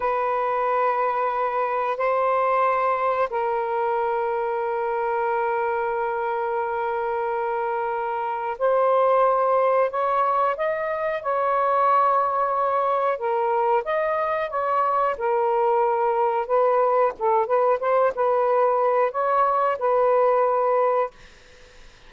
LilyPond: \new Staff \with { instrumentName = "saxophone" } { \time 4/4 \tempo 4 = 91 b'2. c''4~ | c''4 ais'2.~ | ais'1~ | ais'4 c''2 cis''4 |
dis''4 cis''2. | ais'4 dis''4 cis''4 ais'4~ | ais'4 b'4 a'8 b'8 c''8 b'8~ | b'4 cis''4 b'2 | }